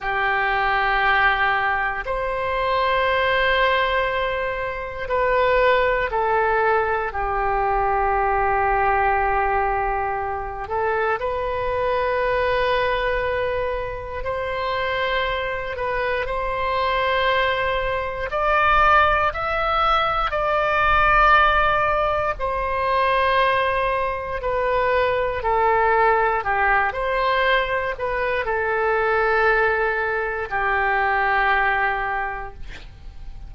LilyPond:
\new Staff \with { instrumentName = "oboe" } { \time 4/4 \tempo 4 = 59 g'2 c''2~ | c''4 b'4 a'4 g'4~ | g'2~ g'8 a'8 b'4~ | b'2 c''4. b'8 |
c''2 d''4 e''4 | d''2 c''2 | b'4 a'4 g'8 c''4 b'8 | a'2 g'2 | }